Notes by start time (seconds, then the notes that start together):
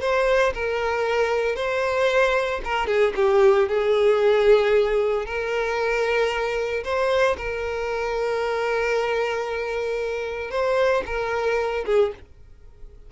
0.00 C5
0.54 A#4
1.55 C5
2.64 A#4
2.86 G#4
3.15 G4
3.68 G#4
5.25 A#4
6.83 C5
7.37 A#4
10.51 C5
11.06 A#4
11.85 G#4